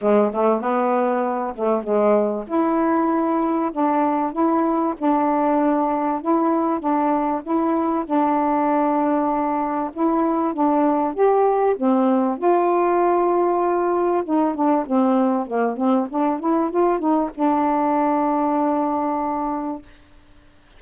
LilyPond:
\new Staff \with { instrumentName = "saxophone" } { \time 4/4 \tempo 4 = 97 gis8 a8 b4. a8 gis4 | e'2 d'4 e'4 | d'2 e'4 d'4 | e'4 d'2. |
e'4 d'4 g'4 c'4 | f'2. dis'8 d'8 | c'4 ais8 c'8 d'8 e'8 f'8 dis'8 | d'1 | }